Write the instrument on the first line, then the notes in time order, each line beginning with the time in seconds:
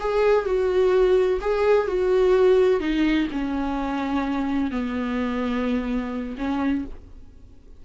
viola
0.00 G#4
0.46 F#4
1.41 G#4
1.88 F#4
2.80 D#4
3.32 C#4
4.71 B3
6.38 C#4